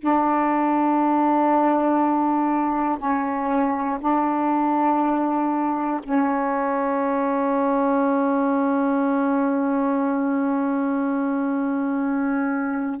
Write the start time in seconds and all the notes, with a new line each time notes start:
0.00 D4
2.98 C#4
4.00 D4
6.03 C#4